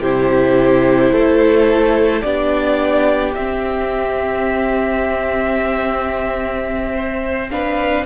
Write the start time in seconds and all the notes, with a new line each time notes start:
0.00 C3 E4 G4 C5
1.12 A3 A4
2.21 B3 D4 G4 D5
3.35 C4 E5
6.95 C5
7.49 D4 B4 F5